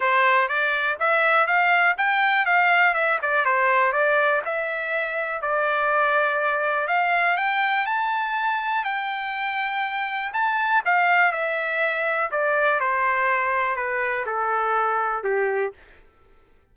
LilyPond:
\new Staff \with { instrumentName = "trumpet" } { \time 4/4 \tempo 4 = 122 c''4 d''4 e''4 f''4 | g''4 f''4 e''8 d''8 c''4 | d''4 e''2 d''4~ | d''2 f''4 g''4 |
a''2 g''2~ | g''4 a''4 f''4 e''4~ | e''4 d''4 c''2 | b'4 a'2 g'4 | }